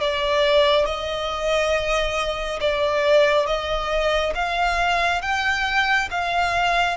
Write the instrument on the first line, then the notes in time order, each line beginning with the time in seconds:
violin
0.00 D5
0.85 D#5
2.60 D5
3.46 D#5
4.34 F5
5.21 G5
6.11 F5